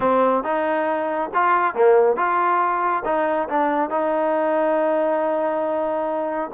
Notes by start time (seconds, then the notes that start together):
0.00 C4
0.43 D#4
1.34 F4
1.74 A#3
2.16 F4
3.05 D#4
3.48 D4
3.90 D#4